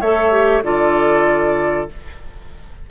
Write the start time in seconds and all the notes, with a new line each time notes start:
0.00 A3 A4 C#5 E5
0.31 G4
0.62 D3 F4 A4 D5